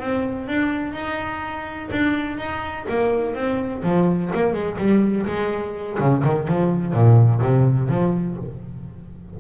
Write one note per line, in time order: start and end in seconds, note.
0.00 0.48 C4
0.48 0.93 D4
0.93 1.89 D#4
1.92 2.38 D4
2.38 2.86 D#4
2.89 3.35 A#3
3.35 3.83 C4
3.83 4.31 F3
4.34 4.53 A#3
4.53 4.77 G#3
4.78 5.26 G3
5.26 5.98 G#3
5.99 6.23 C#3
6.24 6.48 D#3
6.48 6.94 F3
6.94 7.41 A#2
7.41 7.89 C3
7.89 8.37 F3